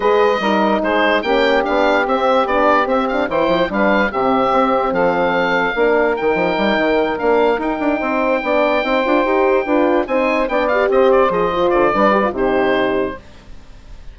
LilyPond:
<<
  \new Staff \with { instrumentName = "oboe" } { \time 4/4 \tempo 4 = 146 dis''2 c''4 g''4 | f''4 e''4 d''4 e''8 f''8 | g''4 f''4 e''2 | f''2. g''4~ |
g''4. f''4 g''4.~ | g''1~ | g''8 gis''4 g''8 f''8 dis''8 d''8 dis''8~ | dis''8 d''4. c''2 | }
  \new Staff \with { instrumentName = "saxophone" } { \time 4/4 b'4 ais'4 gis'4 g'4~ | g'1 | c''4 b'4 g'2 | a'2 ais'2~ |
ais'2.~ ais'8 c''8~ | c''8 d''4 c''2 b'8~ | b'8 c''4 d''4 c''4.~ | c''4 b'4 g'2 | }
  \new Staff \with { instrumentName = "horn" } { \time 4/4 gis'4 dis'2 cis'4 | d'4 c'4 d'4 c'8 d'8 | e'4 d'4 c'2~ | c'2 d'4 dis'4~ |
dis'4. d'4 dis'4.~ | dis'8 d'4 dis'8 f'8 g'4 f'8~ | f'8 dis'4 d'8 g'4. gis'8 | f'4 d'8 g'16 f'16 dis'2 | }
  \new Staff \with { instrumentName = "bassoon" } { \time 4/4 gis4 g4 gis4 ais4 | b4 c'4 b4 c'4 | e8 f8 g4 c4 c'4 | f2 ais4 dis8 f8 |
g8 dis4 ais4 dis'8 d'8 c'8~ | c'8 b4 c'8 d'8 dis'4 d'8~ | d'8 c'4 b4 c'4 f8~ | f8 d8 g4 c2 | }
>>